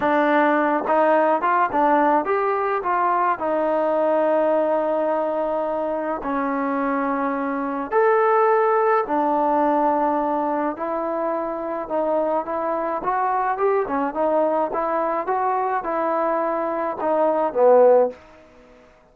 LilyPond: \new Staff \with { instrumentName = "trombone" } { \time 4/4 \tempo 4 = 106 d'4. dis'4 f'8 d'4 | g'4 f'4 dis'2~ | dis'2. cis'4~ | cis'2 a'2 |
d'2. e'4~ | e'4 dis'4 e'4 fis'4 | g'8 cis'8 dis'4 e'4 fis'4 | e'2 dis'4 b4 | }